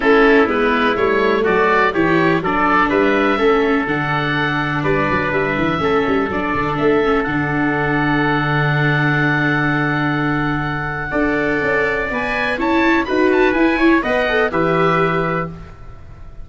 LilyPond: <<
  \new Staff \with { instrumentName = "oboe" } { \time 4/4 \tempo 4 = 124 a'4 b'4 cis''4 d''4 | cis''4 d''4 e''2 | fis''2 d''4 e''4~ | e''4 d''4 e''4 fis''4~ |
fis''1~ | fis''1~ | fis''4 gis''4 a''4 b''8 a''8 | gis''4 fis''4 e''2 | }
  \new Staff \with { instrumentName = "trumpet" } { \time 4/4 e'2. fis'4 | g'4 a'4 b'4 a'4~ | a'2 b'2 | a'1~ |
a'1~ | a'2. d''4~ | d''2 cis''4 b'4~ | b'8 cis''8 dis''4 b'2 | }
  \new Staff \with { instrumentName = "viola" } { \time 4/4 cis'4 b4 a2 | e'4 d'2 cis'4 | d'1 | cis'4 d'4. cis'8 d'4~ |
d'1~ | d'2. a'4~ | a'4 b'4 e'4 fis'4 | e'4 b'8 a'8 g'2 | }
  \new Staff \with { instrumentName = "tuba" } { \time 4/4 a4 gis4 g4 fis4 | e4 fis4 g4 a4 | d2 g8 fis8 g8 e8 | a8 g8 fis8 d8 a4 d4~ |
d1~ | d2. d'4 | cis'4 b4 cis'4 dis'4 | e'4 b4 e2 | }
>>